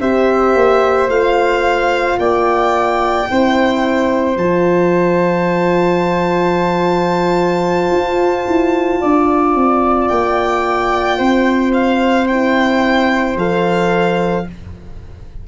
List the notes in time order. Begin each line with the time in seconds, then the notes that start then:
0.00 C4 G4 C5 E5
0.54 A#3
1.08 A3 F4 F5
2.18 A#3 D5 G5
3.27 C4 E4 C5
4.36 F3 F4 A5
7.91 F4
8.47 E4
9.01 D4 D5
9.55 C4
10.08 A#3 G5
11.17 C4 C5
11.74 F5
12.27 E4 G5
13.36 F3 A4 F5